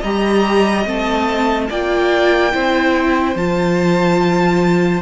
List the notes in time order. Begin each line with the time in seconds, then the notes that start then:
0.00 G3 G4 D#5 A#5
0.85 A3 C4 A5
1.69 A#3 F4 D5 G5
2.52 C4 E4 C5
3.35 F3 F4 A5